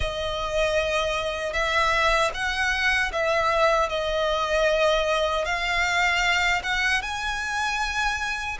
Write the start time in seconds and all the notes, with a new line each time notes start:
0.00 D#5
1.53 E5
2.33 F#5
3.12 E5
3.89 D#5
5.45 F5
6.63 F#5
7.01 G#5